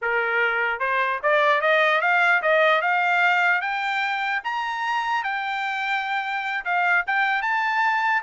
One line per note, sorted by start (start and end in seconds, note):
0.01 0.79 A#4
0.79 1.20 C5
1.22 1.61 D5
1.61 2.01 D#5
2.01 2.41 F5
2.42 2.81 D#5
2.81 3.61 F5
3.61 4.41 G5
4.44 5.23 A#5
5.23 6.64 G5
6.64 7.05 F5
7.07 7.42 G5
7.42 8.22 A5